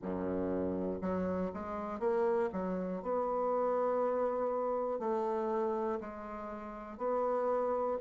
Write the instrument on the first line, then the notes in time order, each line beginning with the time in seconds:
bassoon
0.01 F#2
1.01 F#3
1.53 G#3
1.99 A#3
2.52 F#3
3.02 B3
4.99 A3
6.00 G#3
6.97 B3